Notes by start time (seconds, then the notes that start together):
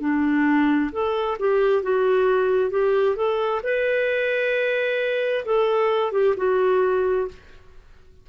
0.00 D4
0.92 A4
1.39 G4
1.82 F#4
2.70 G4
3.16 A4
3.63 B4
5.45 A4
6.12 G4
6.37 F#4